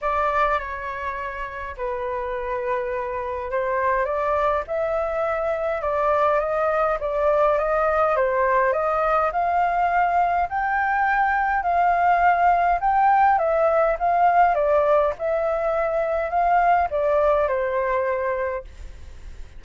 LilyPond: \new Staff \with { instrumentName = "flute" } { \time 4/4 \tempo 4 = 103 d''4 cis''2 b'4~ | b'2 c''4 d''4 | e''2 d''4 dis''4 | d''4 dis''4 c''4 dis''4 |
f''2 g''2 | f''2 g''4 e''4 | f''4 d''4 e''2 | f''4 d''4 c''2 | }